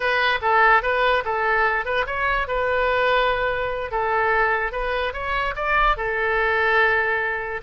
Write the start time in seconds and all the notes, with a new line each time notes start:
0.00 B4
0.41 A4
0.82 B4
1.24 A4
1.85 B4
2.06 C#5
2.47 B4
3.91 A4
4.72 B4
5.13 C#5
5.55 D5
5.96 A4